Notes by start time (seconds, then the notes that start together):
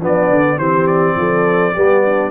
0.00 F3 B3 D4 D5
0.30 D3
0.58 E3 C4 G4 C5
0.87 D5
1.16 F3 A4
1.74 G3 B3 G4
2.05 D4